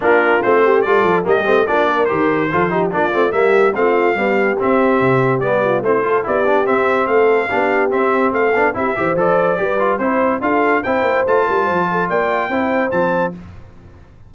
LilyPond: <<
  \new Staff \with { instrumentName = "trumpet" } { \time 4/4 \tempo 4 = 144 ais'4 c''4 d''4 dis''4 | d''4 c''2 d''4 | e''4 f''2 e''4~ | e''4 d''4 c''4 d''4 |
e''4 f''2 e''4 | f''4 e''4 d''2 | c''4 f''4 g''4 a''4~ | a''4 g''2 a''4 | }
  \new Staff \with { instrumentName = "horn" } { \time 4/4 f'4. g'8 a'4 g'4 | f'8 ais'4. a'8 g'8 f'4 | g'4 f'4 g'2~ | g'4. f'8 e'8 a'8 g'4~ |
g'4 a'4 g'2 | a'4 g'8 c''4. b'4 | c''4 a'4 c''4. ais'8 | c''8 a'8 d''4 c''2 | }
  \new Staff \with { instrumentName = "trombone" } { \time 4/4 d'4 c'4 f'4 ais8 c'8 | d'4 g'4 f'8 dis'8 d'8 c'8 | ais4 c'4 g4 c'4~ | c'4 b4 c'8 f'8 e'8 d'8 |
c'2 d'4 c'4~ | c'8 d'8 e'8 g'8 a'4 g'8 f'8 | e'4 f'4 e'4 f'4~ | f'2 e'4 c'4 | }
  \new Staff \with { instrumentName = "tuba" } { \time 4/4 ais4 a4 g8 f8 g8 a8 | ais4 dis4 f4 ais8 a8 | g4 a4 b4 c'4 | c4 g4 a4 b4 |
c'4 a4 b4 c'4 | a8 b8 c'8 e8 f4 g4 | c'4 d'4 c'8 ais8 a8 g8 | f4 ais4 c'4 f4 | }
>>